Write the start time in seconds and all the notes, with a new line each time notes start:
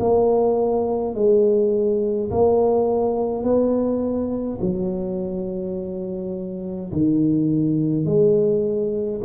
0.00 A#3
1.15 G#3
2.31 A#3
3.44 B3
4.61 F#3
6.92 D#3
8.06 G#3